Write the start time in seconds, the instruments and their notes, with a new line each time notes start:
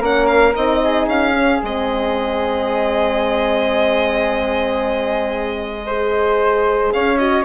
0.00 bassoon A#3, horn C#4, flute A#4, violin F#5
0.26 violin F5
0.54 bassoon C4, horn D#4, violin D#5
0.83 flute G#4
1.07 bassoon C#4, violin F5
1.34 horn C#4
1.61 bassoon G#3, horn C4, violin D#5
5.86 horn G#4, flute C5
6.92 bassoon C#4, flute C#5, violin F5
7.18 horn F#4, violin D#5